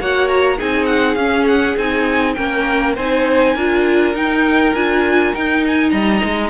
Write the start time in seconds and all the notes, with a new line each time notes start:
0.00 A#3 F#4 C#5 F#5
0.28 A#5
0.56 C4 D#4 G#4 G#5
0.85 F#5
1.15 C#4 F5
1.47 F#5
1.76 C4 D#4 G#5
2.34 A#3 C#4 A#4 G5
2.95 C4 D#4 C5 G#5
3.54 D4 F4 A#4
4.14 D#4 G5
4.74 D4 F4 G#5
5.34 D#4 G5
5.67 G#5
5.90 G3 D#5 A#5
6.24 G#3